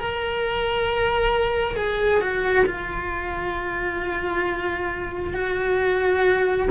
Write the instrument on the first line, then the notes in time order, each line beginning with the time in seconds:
cello
0.00 A#4
1.76 G#4
2.21 F#4
2.66 F4
5.34 F#4